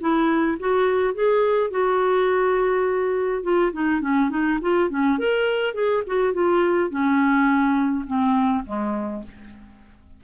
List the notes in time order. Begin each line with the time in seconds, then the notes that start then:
0.00 E4
0.59 F#4
1.14 G#4
1.70 F#4
3.43 F4
3.72 D#4
4.00 C#4
4.30 D#4
4.61 F4
4.89 C#4
5.18 A#4
5.74 G#4
6.06 F#4
6.33 F4
6.90 C#4
8.06 C4
8.65 G#3